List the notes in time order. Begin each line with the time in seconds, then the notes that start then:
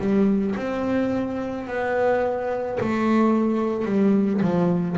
0.00 G3
0.57 C4
1.68 B3
2.81 A3
3.86 G3
4.42 F3